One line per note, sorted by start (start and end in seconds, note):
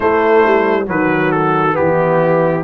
0.00 0.85 A3
0.00 0.45 A3
0.00 0.86 E4
0.00 0.86 C5
0.45 0.89 G3
0.85 1.78 D#3
0.85 1.72 F#3
0.85 1.76 F#4
0.85 1.31 B4
1.31 1.75 A4
1.72 2.60 B3
1.72 2.63 G4
1.78 2.63 E3
1.78 2.63 E4